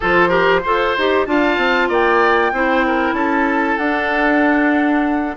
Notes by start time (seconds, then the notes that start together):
0.00 F3 F4 A4 C5
0.29 G4 A#4
0.63 F4 A4 C5
0.97 D#4 G4
1.25 D4 F4 F5 A5
1.57 C4
1.88 A#3 D5 G5
2.51 C4 E4 C5
2.87 A#4
3.12 C#4 A4 A5
3.77 D4 F#5